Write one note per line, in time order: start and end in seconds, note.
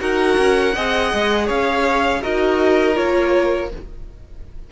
0.00 0.38 D#4
0.00 0.74 F#4
0.00 0.75 A#4
0.00 1.49 F#5
0.39 0.76 C#4
0.75 1.14 C4
0.75 2.22 G#4
0.75 1.47 D#5
1.14 1.50 G#3
1.47 2.24 C#4
1.47 2.21 C#5
1.47 2.23 F5
2.22 2.98 D#4
2.22 2.95 F#4
2.22 3.70 A#4
2.22 2.97 D#5
2.95 3.72 A#3
2.95 3.69 F4
2.95 3.71 C#5